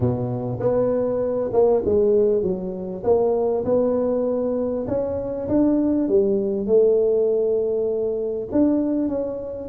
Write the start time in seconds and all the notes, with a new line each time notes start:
0.00 B2
0.59 B3
1.52 A#3
1.85 G#3
2.42 F#3
3.03 A#3
3.64 B3
4.87 C#4
5.48 D4
6.08 G3
6.66 A3
8.51 D4
9.08 C#4